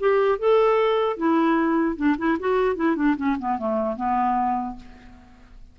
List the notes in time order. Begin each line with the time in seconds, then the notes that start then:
0.00 G4
0.39 A4
1.17 E4
1.96 D4
2.18 E4
2.39 F#4
2.76 E4
2.96 D4
3.17 C#4
3.39 B3
3.58 A3
3.96 B3